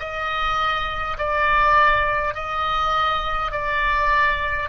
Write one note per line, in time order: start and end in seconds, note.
0.00 1.18 D#5
1.18 2.35 D5
2.35 3.52 D#5
3.52 4.70 D5